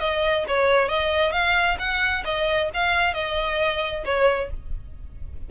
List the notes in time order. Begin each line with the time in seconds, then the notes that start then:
0.00 D#5
0.48 C#5
0.89 D#5
1.32 F5
1.79 F#5
2.25 D#5
2.74 F5
3.14 D#5
4.05 C#5